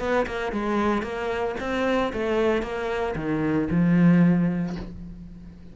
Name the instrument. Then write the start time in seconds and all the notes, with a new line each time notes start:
cello
0.00 B3
0.27 A#3
0.52 G#3
1.03 A#3
1.60 C4
2.13 A3
2.63 A#3
3.16 D#3
3.71 F3